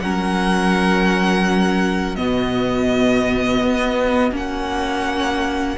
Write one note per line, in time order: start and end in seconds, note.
0.00 2.18 F#3
0.00 2.16 C#4
0.00 2.17 A#4
0.00 2.16 F#5
2.16 3.62 B2
2.16 4.32 B3
2.16 5.77 F#4
2.16 4.32 D#5
3.62 4.32 B3
4.32 5.76 A#3
4.32 5.76 C#4
4.32 5.77 F#5